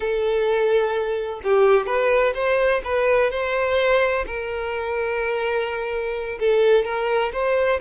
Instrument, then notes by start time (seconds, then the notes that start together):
violin
0.00 A4
1.43 G4
1.86 B4
2.34 C5
2.84 B4
3.30 C5
4.26 A#4
6.39 A4
6.84 A#4
7.32 C5